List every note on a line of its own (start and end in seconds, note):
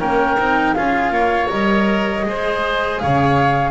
0.00 0.38 A#3
0.00 0.38 C#4
0.00 0.75 A#4
0.00 0.74 G5
0.38 0.75 C4
0.38 0.76 D#4
0.74 1.11 C#4
0.74 1.49 F4
0.74 1.13 G#4
0.74 1.49 F5
1.11 1.48 A#3
1.11 2.26 C#5
1.49 2.26 G3
1.49 2.23 A#4
1.49 2.99 D#5
2.23 3.01 G#3
2.23 3.71 G#4
2.29 3.02 C5
2.99 3.71 C#3
2.99 3.71 C#5
2.99 3.71 F5